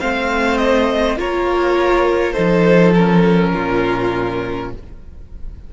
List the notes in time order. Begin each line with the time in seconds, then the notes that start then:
0.00 A3 C4 C5 F5
0.58 D#5
1.17 A#3 F4 A#4 C#5
2.33 F3 D#4 A4 C5
2.94 C#4 A#4
3.54 A#2 F4